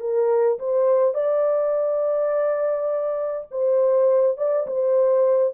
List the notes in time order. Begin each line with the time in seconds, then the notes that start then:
0.00 A#4
0.59 C5
1.14 D5
3.51 C5
4.37 D5
4.66 C5